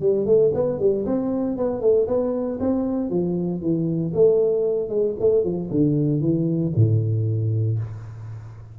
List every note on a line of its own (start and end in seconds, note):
0.00 0.26 G3
0.26 0.51 A3
0.54 0.79 B3
0.79 1.05 G3
1.06 1.57 C4
1.57 1.81 B3
1.81 2.07 A3
2.08 2.59 B3
2.60 3.10 C4
3.10 3.61 F3
3.61 4.13 E3
4.14 4.89 A3
4.89 5.15 G#3
5.20 5.44 A3
5.44 5.70 F3
5.71 6.21 D3
6.21 6.73 E3
6.76 7.79 A2